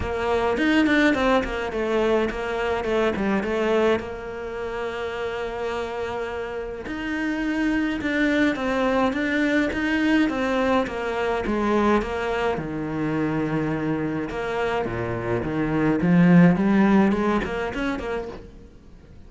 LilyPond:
\new Staff \with { instrumentName = "cello" } { \time 4/4 \tempo 4 = 105 ais4 dis'8 d'8 c'8 ais8 a4 | ais4 a8 g8 a4 ais4~ | ais1 | dis'2 d'4 c'4 |
d'4 dis'4 c'4 ais4 | gis4 ais4 dis2~ | dis4 ais4 ais,4 dis4 | f4 g4 gis8 ais8 cis'8 ais8 | }